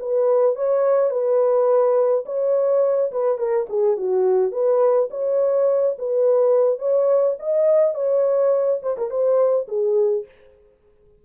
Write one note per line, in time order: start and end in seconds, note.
0.00 0.56 B4
0.56 1.11 C#5
1.11 2.25 B4
2.26 3.12 C#5
3.12 3.38 B4
3.38 3.67 A#4
3.70 3.97 G#4
3.97 4.52 F#4
4.52 5.09 B4
5.11 5.97 C#5
5.99 6.79 B4
6.79 7.36 C#5
7.40 7.95 D#5
7.95 8.81 C#5
8.83 8.97 C5
8.98 9.11 A#4
9.11 9.68 C5
9.69 10.26 G#4